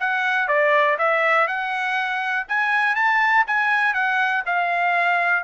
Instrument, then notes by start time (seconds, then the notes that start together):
trumpet
0.00 F#5
0.48 D5
0.98 E5
1.47 F#5
2.48 G#5
2.95 A5
3.47 G#5
3.94 F#5
4.46 F5